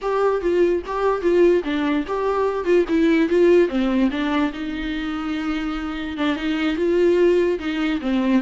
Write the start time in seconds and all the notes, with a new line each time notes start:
0.01 G4
0.41 F4
0.86 G4
1.21 F4
1.63 D4
2.07 G4
2.64 F4
2.88 E4
3.29 F4
3.68 C4
4.11 D4
4.52 D#4
6.17 D4
6.36 D#4
6.76 F4
7.59 D#4
8.01 C4